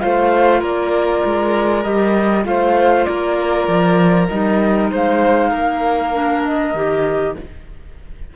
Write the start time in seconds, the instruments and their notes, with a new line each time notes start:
0.00 cello A3, clarinet F4, violin C5, flute F5
0.60 cello A#3, violin A#4, flute D5
1.25 cello G#3
1.83 cello G3, clarinet G4, flute D#5
2.44 cello A3, clarinet F4, violin C5, flute F5
3.04 cello A#3, violin A#4, flute D5
3.68 cello F3
4.28 cello G3, clarinet D#4, flute D#5
4.91 cello G#3, violin C5, flute F5
5.50 cello A#3, violin A#4
6.13 clarinet D4
6.44 flute D#5
6.74 cello D#3, clarinet G4